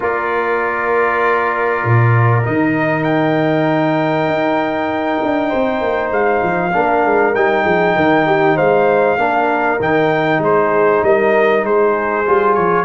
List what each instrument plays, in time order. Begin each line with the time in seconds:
0.00 tuba A#3, trombone F4, horn A#4, trumpet D5
1.84 tuba A#2
2.43 tuba D#3, trombone D#4, trumpet D#5
3.03 trumpet G5
4.27 tuba D#4
5.22 tuba D4
5.48 tuba C4, horn C5
5.81 tuba A#3
6.11 tuba G#3, trumpet F5
6.42 tuba F3
6.72 tuba A#3, trombone D4, horn A#4
7.04 tuba G#3
7.35 tuba G3, trombone D#4, trumpet G5
7.64 tuba F3, horn G#4
7.96 tuba D#3, horn A#4
8.26 horn G4
8.55 tuba G#3, horn C5, trumpet F5
9.17 tuba A#3, trombone D4, horn A#4
9.79 tuba D#3, trombone D#4, trumpet G5
10.38 tuba G#3, trumpet C5
10.44 horn G#4
11.03 tuba G3, horn A#4, trumpet D#5
11.63 tuba G#3, horn G#4, trumpet C5
12.26 tuba G3, trombone F4
12.54 tuba F3, trumpet C#5